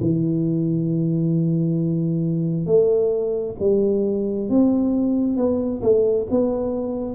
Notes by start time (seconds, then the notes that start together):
0.00 E3
2.66 A3
3.59 G3
4.49 C4
5.36 B3
5.82 A3
6.30 B3